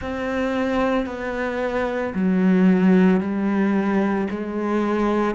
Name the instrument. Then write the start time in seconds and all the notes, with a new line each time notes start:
cello
0.00 C4
1.06 B3
2.14 F#3
3.20 G3
4.30 G#3